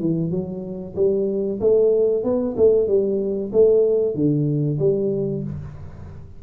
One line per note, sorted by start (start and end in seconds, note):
0.00 0.31 E3
0.31 0.95 F#3
0.96 1.60 G3
1.60 2.24 A3
2.24 2.56 B3
2.57 2.88 A3
2.88 3.52 G3
3.53 4.15 A3
4.15 4.79 D3
4.79 5.43 G3